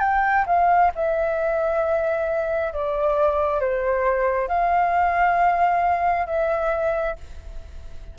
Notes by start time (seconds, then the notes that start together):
0.00 G5
0.46 F5
0.95 E5
2.73 D5
3.60 C5
4.48 F5
6.26 E5